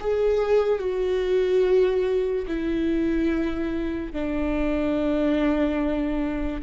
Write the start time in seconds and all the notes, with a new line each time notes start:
0.00 G#4
0.79 F#4
2.47 E4
4.12 D4